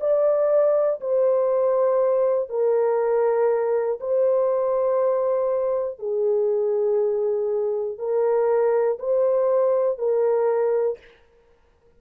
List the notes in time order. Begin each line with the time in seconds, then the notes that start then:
0.00 D5
1.01 C5
2.50 A#4
4.00 C5
6.00 G#4
7.98 A#4
8.99 C5
9.99 A#4